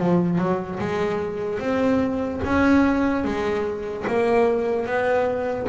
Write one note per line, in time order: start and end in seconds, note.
0.00 0.39 F3
0.39 0.79 F#3
0.80 1.60 G#3
1.60 2.41 C4
2.44 3.25 C#4
3.25 4.06 G#3
4.08 4.86 A#3
4.86 5.68 B3